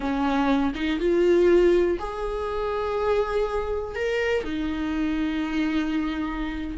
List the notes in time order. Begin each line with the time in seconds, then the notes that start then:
0.00 C#4
0.75 D#4
0.99 F4
1.99 G#4
3.95 A#4
4.44 D#4